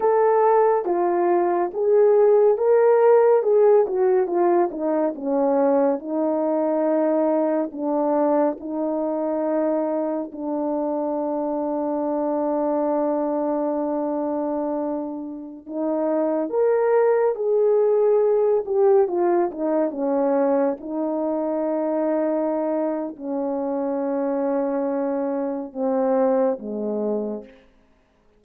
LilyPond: \new Staff \with { instrumentName = "horn" } { \time 4/4 \tempo 4 = 70 a'4 f'4 gis'4 ais'4 | gis'8 fis'8 f'8 dis'8 cis'4 dis'4~ | dis'4 d'4 dis'2 | d'1~ |
d'2~ d'16 dis'4 ais'8.~ | ais'16 gis'4. g'8 f'8 dis'8 cis'8.~ | cis'16 dis'2~ dis'8. cis'4~ | cis'2 c'4 gis4 | }